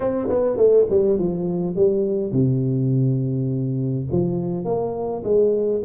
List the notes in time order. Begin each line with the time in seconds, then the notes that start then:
0.00 C4
0.28 B3
0.57 A3
0.90 G3
1.19 F3
1.75 G3
2.32 C3
4.11 F3
4.64 A#3
5.23 G#3